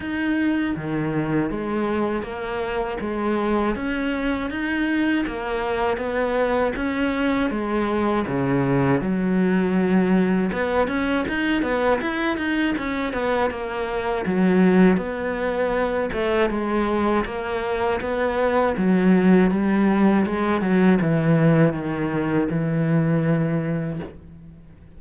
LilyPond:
\new Staff \with { instrumentName = "cello" } { \time 4/4 \tempo 4 = 80 dis'4 dis4 gis4 ais4 | gis4 cis'4 dis'4 ais4 | b4 cis'4 gis4 cis4 | fis2 b8 cis'8 dis'8 b8 |
e'8 dis'8 cis'8 b8 ais4 fis4 | b4. a8 gis4 ais4 | b4 fis4 g4 gis8 fis8 | e4 dis4 e2 | }